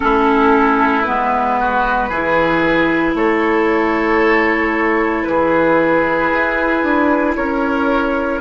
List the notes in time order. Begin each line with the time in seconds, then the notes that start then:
0.00 A3 C#4 E4 A4
1.02 G#3 B3 B4
1.59 F#4
2.09 E3 E4 G#4
3.14 A3 A4 C#5
5.23 E3 G#4 B4
6.32 E4
6.83 D4
7.35 C#4 A#4 C#5